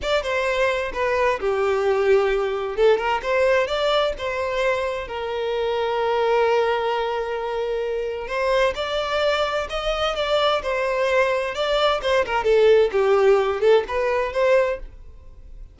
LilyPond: \new Staff \with { instrumentName = "violin" } { \time 4/4 \tempo 4 = 130 d''8 c''4. b'4 g'4~ | g'2 a'8 ais'8 c''4 | d''4 c''2 ais'4~ | ais'1~ |
ais'2 c''4 d''4~ | d''4 dis''4 d''4 c''4~ | c''4 d''4 c''8 ais'8 a'4 | g'4. a'8 b'4 c''4 | }